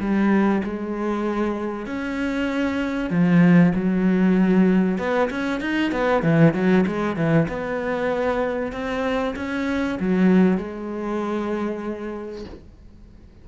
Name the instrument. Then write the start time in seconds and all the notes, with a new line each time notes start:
cello
0.00 G3
0.64 G#3
1.87 C#4
3.10 F3
3.75 F#3
4.99 B3
5.30 C#4
5.61 D#4
5.92 B3
6.23 E3
6.54 F#3
6.87 G#3
7.16 E3
7.49 B3
8.72 C4
9.36 C#4
10.00 F#3
10.58 G#3